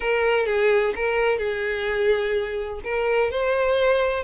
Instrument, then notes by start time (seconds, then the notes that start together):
violin
0.00 A#4
0.46 G#4
0.95 A#4
1.38 G#4
2.84 A#4
3.30 C5